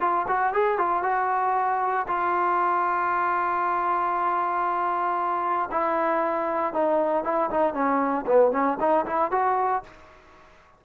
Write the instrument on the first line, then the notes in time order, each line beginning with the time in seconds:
trombone
0.00 F4
0.27 F#4
0.53 G#4
0.78 F4
1.03 F#4
2.07 F4
5.71 E4
6.73 D#4
7.24 E4
7.50 D#4
7.73 C#4
8.26 B3
8.51 C#4
8.80 D#4
9.06 E4
9.31 F#4